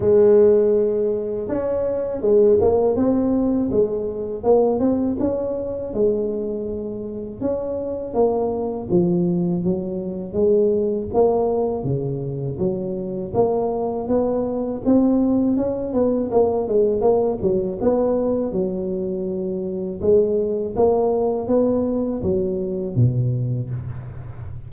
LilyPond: \new Staff \with { instrumentName = "tuba" } { \time 4/4 \tempo 4 = 81 gis2 cis'4 gis8 ais8 | c'4 gis4 ais8 c'8 cis'4 | gis2 cis'4 ais4 | f4 fis4 gis4 ais4 |
cis4 fis4 ais4 b4 | c'4 cis'8 b8 ais8 gis8 ais8 fis8 | b4 fis2 gis4 | ais4 b4 fis4 b,4 | }